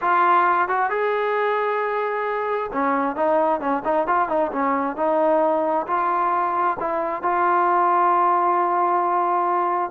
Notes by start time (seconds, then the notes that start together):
0.01 F4
0.68 F#4
0.90 G#4
2.72 C#4
3.16 D#4
3.60 C#4
3.84 D#4
4.07 F4
4.28 D#4
4.51 C#4
4.96 D#4
5.87 F4
6.79 E4
7.22 F4